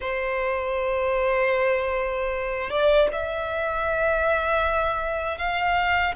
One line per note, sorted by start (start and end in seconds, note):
0.00 2.70 C5
2.70 3.08 D5
3.12 5.37 E5
5.37 6.14 F5